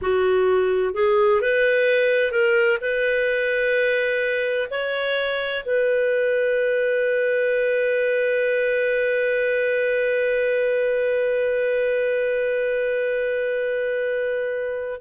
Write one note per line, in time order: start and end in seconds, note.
0.01 0.94 F#4
0.94 1.41 G#4
1.41 2.31 B4
2.31 2.78 A#4
2.81 4.68 B4
4.70 5.64 C#5
5.65 15.01 B4